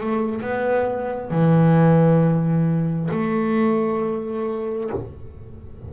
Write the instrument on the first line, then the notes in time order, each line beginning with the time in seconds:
double bass
0.00 A3
0.41 B3
1.30 E3
3.11 A3